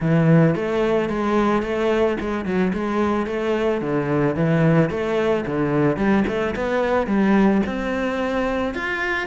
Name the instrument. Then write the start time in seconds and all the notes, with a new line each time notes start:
cello
0.00 E3
0.55 A3
1.09 G#3
1.62 A3
2.20 G#3
2.45 F#3
2.73 G#3
3.26 A3
3.81 D3
4.35 E3
4.90 A3
5.45 D3
5.96 G3
6.27 A3
6.55 B3
7.06 G3
7.66 C4
8.74 F4